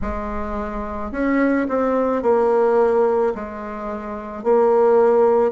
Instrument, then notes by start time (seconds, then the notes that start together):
bassoon
0.02 G#3
1.11 C#4
1.68 C4
2.22 A#3
3.34 G#3
4.43 A#3